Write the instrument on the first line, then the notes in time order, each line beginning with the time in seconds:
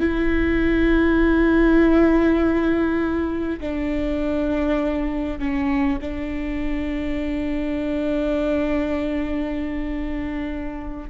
viola
0.00 E4
3.61 D4
5.39 C#4
6.01 D4